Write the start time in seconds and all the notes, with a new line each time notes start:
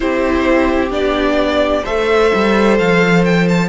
0.00 C4 E4 G4 C5
0.90 B3 D4 D5
1.82 A3 A4 C5 E5
2.34 G3
2.78 F3 F5
3.24 G5
3.48 A5